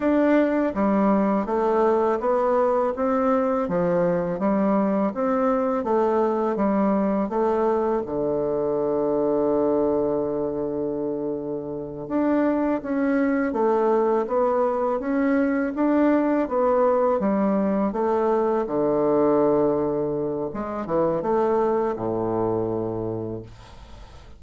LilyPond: \new Staff \with { instrumentName = "bassoon" } { \time 4/4 \tempo 4 = 82 d'4 g4 a4 b4 | c'4 f4 g4 c'4 | a4 g4 a4 d4~ | d1~ |
d8 d'4 cis'4 a4 b8~ | b8 cis'4 d'4 b4 g8~ | g8 a4 d2~ d8 | gis8 e8 a4 a,2 | }